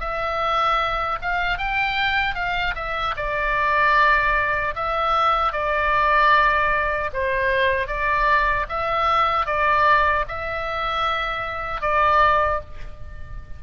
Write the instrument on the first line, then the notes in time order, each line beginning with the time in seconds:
oboe
0.00 E5
1.22 F5
1.58 G5
2.35 F5
2.76 E5
3.17 D5
4.75 E5
5.53 D5
7.13 C5
7.87 D5
8.69 E5
9.46 D5
10.28 E5
11.81 D5